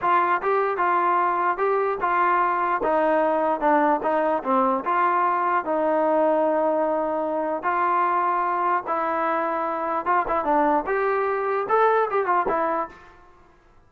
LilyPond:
\new Staff \with { instrumentName = "trombone" } { \time 4/4 \tempo 4 = 149 f'4 g'4 f'2 | g'4 f'2 dis'4~ | dis'4 d'4 dis'4 c'4 | f'2 dis'2~ |
dis'2. f'4~ | f'2 e'2~ | e'4 f'8 e'8 d'4 g'4~ | g'4 a'4 g'8 f'8 e'4 | }